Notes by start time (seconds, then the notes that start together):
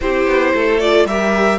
0.00 C4 E4 G4 C5
0.26 B3
0.54 A3 A4
0.79 F4 D5
1.05 G3 G4 A#4 E5